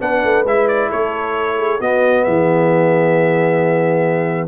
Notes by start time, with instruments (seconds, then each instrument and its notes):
0.00 tuba B3, trombone D4, horn B4, trumpet F#5
0.24 tuba A3
0.44 tuba G#3, trombone E4, trumpet E5
0.68 trumpet D5
0.89 tuba A3, horn A4, trumpet C#5
1.57 horn G#4
1.79 trombone B3, tuba B3, horn F#4, trumpet D#5
2.24 tuba E3, horn G#4, trumpet E5